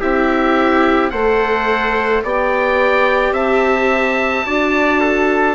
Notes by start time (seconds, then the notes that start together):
0.00 C4 E4 G4 E5
1.10 A3 A4 C5 F#5
2.23 B3 G4 D5 G5
3.32 C4 E5 A5
4.46 D4 F#4 D5
5.00 A4